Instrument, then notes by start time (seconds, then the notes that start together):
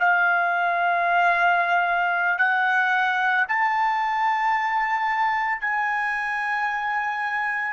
trumpet
0.00 F5
2.38 F#5
3.48 A5
5.61 G#5